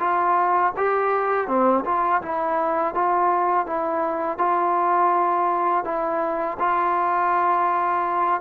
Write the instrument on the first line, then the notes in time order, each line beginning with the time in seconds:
trombone
0.00 F4
0.77 G4
1.48 C4
1.85 F4
2.23 E4
2.95 F4
3.67 E4
4.38 F4
5.85 E4
6.60 F4